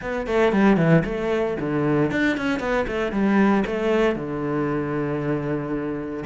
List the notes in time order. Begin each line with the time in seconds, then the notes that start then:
0.01 B3
0.27 A3
0.52 G3
0.77 E3
1.04 A3
1.59 D3
2.11 D4
2.37 C#4
2.59 B3
2.87 A3
3.12 G3
3.66 A3
4.15 D3